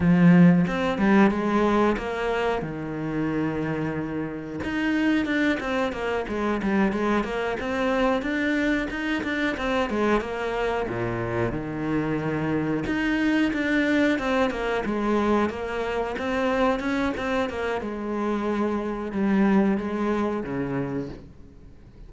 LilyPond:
\new Staff \with { instrumentName = "cello" } { \time 4/4 \tempo 4 = 91 f4 c'8 g8 gis4 ais4 | dis2. dis'4 | d'8 c'8 ais8 gis8 g8 gis8 ais8 c'8~ | c'8 d'4 dis'8 d'8 c'8 gis8 ais8~ |
ais8 ais,4 dis2 dis'8~ | dis'8 d'4 c'8 ais8 gis4 ais8~ | ais8 c'4 cis'8 c'8 ais8 gis4~ | gis4 g4 gis4 cis4 | }